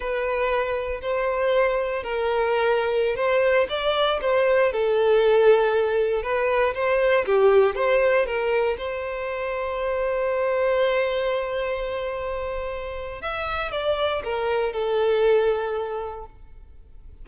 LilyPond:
\new Staff \with { instrumentName = "violin" } { \time 4/4 \tempo 4 = 118 b'2 c''2 | ais'2~ ais'16 c''4 d''8.~ | d''16 c''4 a'2~ a'8.~ | a'16 b'4 c''4 g'4 c''8.~ |
c''16 ais'4 c''2~ c''8.~ | c''1~ | c''2 e''4 d''4 | ais'4 a'2. | }